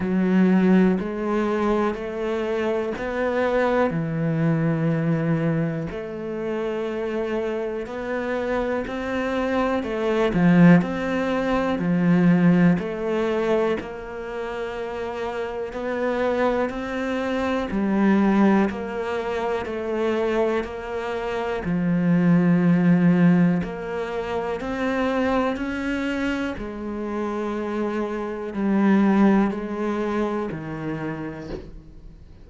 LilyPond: \new Staff \with { instrumentName = "cello" } { \time 4/4 \tempo 4 = 61 fis4 gis4 a4 b4 | e2 a2 | b4 c'4 a8 f8 c'4 | f4 a4 ais2 |
b4 c'4 g4 ais4 | a4 ais4 f2 | ais4 c'4 cis'4 gis4~ | gis4 g4 gis4 dis4 | }